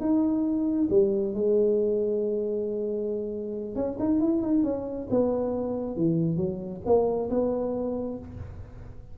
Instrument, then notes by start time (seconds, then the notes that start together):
tuba
0.00 D#4
0.90 G3
1.34 G#3
3.76 C#4
3.99 D#4
4.20 E4
4.42 D#4
4.63 C#4
5.10 B3
5.96 E3
6.36 F#3
6.85 A#3
7.30 B3